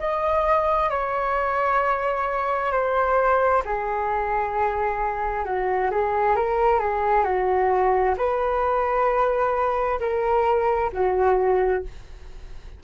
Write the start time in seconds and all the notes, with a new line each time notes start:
0.00 D#5
0.90 C#5
2.72 C5
3.65 G#4
5.45 F#4
5.92 G#4
6.36 A#4
6.80 G#4
7.24 F#4
8.18 B4
10.00 A#4
10.93 F#4